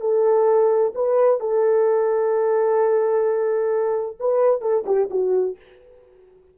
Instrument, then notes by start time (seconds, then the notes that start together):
horn
0.00 A4
0.94 B4
1.40 A4
4.19 B4
4.61 A4
4.86 G4
5.10 F#4